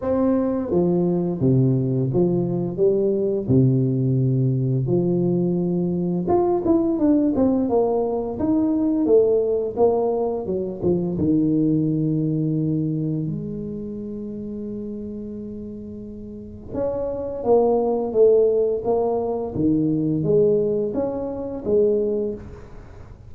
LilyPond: \new Staff \with { instrumentName = "tuba" } { \time 4/4 \tempo 4 = 86 c'4 f4 c4 f4 | g4 c2 f4~ | f4 f'8 e'8 d'8 c'8 ais4 | dis'4 a4 ais4 fis8 f8 |
dis2. gis4~ | gis1 | cis'4 ais4 a4 ais4 | dis4 gis4 cis'4 gis4 | }